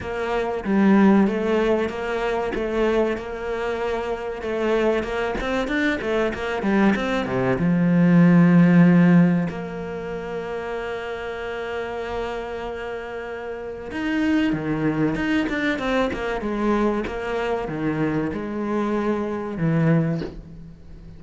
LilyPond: \new Staff \with { instrumentName = "cello" } { \time 4/4 \tempo 4 = 95 ais4 g4 a4 ais4 | a4 ais2 a4 | ais8 c'8 d'8 a8 ais8 g8 c'8 c8 | f2. ais4~ |
ais1~ | ais2 dis'4 dis4 | dis'8 d'8 c'8 ais8 gis4 ais4 | dis4 gis2 e4 | }